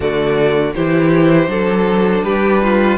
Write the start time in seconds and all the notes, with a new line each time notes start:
0.00 D3 A3 F#4 D5
0.74 E3 E4 G4 C5
1.47 F#3 D4 A4
2.23 G3 G4 B4
2.62 F4